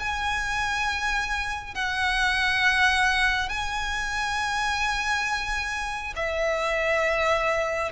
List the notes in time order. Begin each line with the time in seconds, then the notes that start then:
0.00 G#5
1.75 F#5
3.49 G#5
6.16 E5